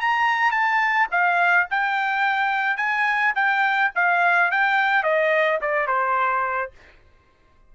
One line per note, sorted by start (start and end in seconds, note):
0.00 0.51 A#5
0.51 1.07 A5
1.11 1.67 F5
1.70 2.77 G5
2.77 3.33 G#5
3.35 3.91 G5
3.95 4.51 F5
4.51 5.03 G5
5.03 5.59 D#5
5.61 5.87 D5
5.87 6.71 C5